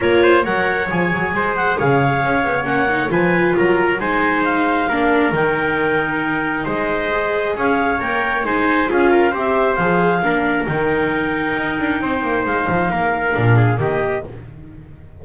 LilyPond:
<<
  \new Staff \with { instrumentName = "clarinet" } { \time 4/4 \tempo 4 = 135 cis''4 fis''4 gis''4. fis''8 | f''2 fis''4 gis''4 | ais''4 gis''4 f''2 | g''2. dis''4~ |
dis''4 f''4 g''4 gis''4 | f''4 e''4 f''2 | g''1 | f''2. dis''4 | }
  \new Staff \with { instrumentName = "trumpet" } { \time 4/4 ais'8 c''8 cis''2 c''4 | cis''2. b'4 | ais'4 c''2 ais'4~ | ais'2. c''4~ |
c''4 cis''2 c''4 | gis'8 ais'8 c''2 ais'4~ | ais'2. c''4~ | c''4 ais'4. gis'8 g'4 | }
  \new Staff \with { instrumentName = "viola" } { \time 4/4 f'4 ais'4 gis'2~ | gis'2 cis'8 dis'8 f'4~ | f'4 dis'2 d'4 | dis'1 |
gis'2 ais'4 dis'4 | f'4 g'4 gis'4 d'4 | dis'1~ | dis'2 d'4 ais4 | }
  \new Staff \with { instrumentName = "double bass" } { \time 4/4 ais4 fis4 f8 fis8 gis4 | cis4 cis'8 b8 ais4 f4 | fis4 gis2 ais4 | dis2. gis4~ |
gis4 cis'4 ais4 gis4 | cis'4 c'4 f4 ais4 | dis2 dis'8 d'8 c'8 ais8 | gis8 f8 ais4 ais,4 dis4 | }
>>